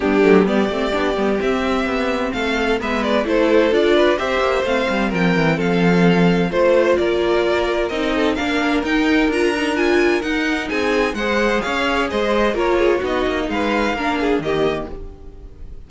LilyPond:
<<
  \new Staff \with { instrumentName = "violin" } { \time 4/4 \tempo 4 = 129 g'4 d''2 e''4~ | e''4 f''4 e''8 d''8 c''4 | d''4 e''4 f''4 g''4 | f''2 c''4 d''4~ |
d''4 dis''4 f''4 g''4 | ais''4 gis''4 fis''4 gis''4 | fis''4 f''4 dis''4 cis''4 | dis''4 f''2 dis''4 | }
  \new Staff \with { instrumentName = "violin" } { \time 4/4 d'4 g'2.~ | g'4 a'4 b'4 a'4~ | a'8 b'8 c''2 ais'4 | a'2 c''4 ais'4~ |
ais'4. a'8 ais'2~ | ais'2. gis'4 | c''4 cis''4 c''4 ais'8 gis'8 | fis'4 b'4 ais'8 gis'8 g'4 | }
  \new Staff \with { instrumentName = "viola" } { \time 4/4 b8 a8 b8 c'8 d'8 b8 c'4~ | c'2 b4 e'4 | f'4 g'4 c'2~ | c'2 f'2~ |
f'4 dis'4 d'4 dis'4 | f'8 dis'8 f'4 dis'2 | gis'2. f'4 | dis'2 d'4 ais4 | }
  \new Staff \with { instrumentName = "cello" } { \time 4/4 g8 fis8 g8 a8 b8 g8 c'4 | b4 a4 gis4 a4 | d'4 c'8 ais8 a8 g8 f8 e8 | f2 a4 ais4~ |
ais4 c'4 ais4 dis'4 | d'2 dis'4 c'4 | gis4 cis'4 gis4 ais4 | b8 ais8 gis4 ais4 dis4 | }
>>